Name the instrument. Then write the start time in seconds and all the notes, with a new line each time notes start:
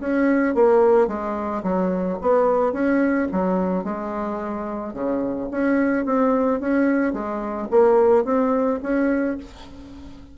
bassoon
0.00 C#4
0.55 A#3
1.07 G#3
1.63 F#3
2.21 B3
2.73 C#4
3.32 F#3
3.84 G#3
4.94 C#3
5.51 C#4
6.06 C4
6.60 C#4
7.13 G#3
7.71 A#3
8.25 C4
8.83 C#4